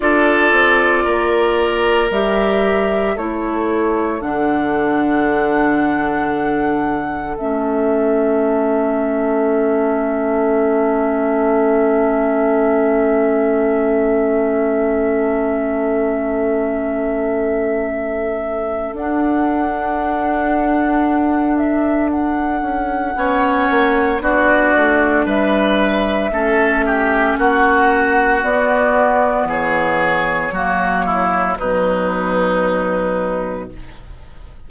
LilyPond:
<<
  \new Staff \with { instrumentName = "flute" } { \time 4/4 \tempo 4 = 57 d''2 e''4 cis''4 | fis''2. e''4~ | e''1~ | e''1~ |
e''2 fis''2~ | fis''8 e''8 fis''2 d''4 | e''2 fis''4 d''4 | cis''2 b'2 | }
  \new Staff \with { instrumentName = "oboe" } { \time 4/4 a'4 ais'2 a'4~ | a'1~ | a'1~ | a'1~ |
a'1~ | a'2 cis''4 fis'4 | b'4 a'8 g'8 fis'2 | gis'4 fis'8 e'8 dis'2 | }
  \new Staff \with { instrumentName = "clarinet" } { \time 4/4 f'2 g'4 e'4 | d'2. cis'4~ | cis'1~ | cis'1~ |
cis'2 d'2~ | d'2 cis'4 d'4~ | d'4 cis'2 b4~ | b4 ais4 fis2 | }
  \new Staff \with { instrumentName = "bassoon" } { \time 4/4 d'8 c'8 ais4 g4 a4 | d2. a4~ | a1~ | a1~ |
a2 d'2~ | d'4. cis'8 b8 ais8 b8 a8 | g4 a4 ais4 b4 | e4 fis4 b,2 | }
>>